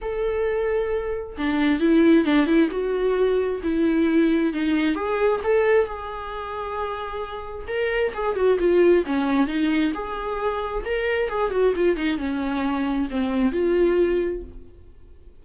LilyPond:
\new Staff \with { instrumentName = "viola" } { \time 4/4 \tempo 4 = 133 a'2. d'4 | e'4 d'8 e'8 fis'2 | e'2 dis'4 gis'4 | a'4 gis'2.~ |
gis'4 ais'4 gis'8 fis'8 f'4 | cis'4 dis'4 gis'2 | ais'4 gis'8 fis'8 f'8 dis'8 cis'4~ | cis'4 c'4 f'2 | }